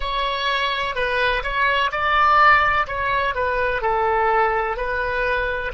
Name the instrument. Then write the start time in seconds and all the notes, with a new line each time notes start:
oboe
0.00 C#5
0.95 B4
1.43 C#5
1.91 D5
2.87 C#5
3.35 B4
3.81 A4
4.76 B4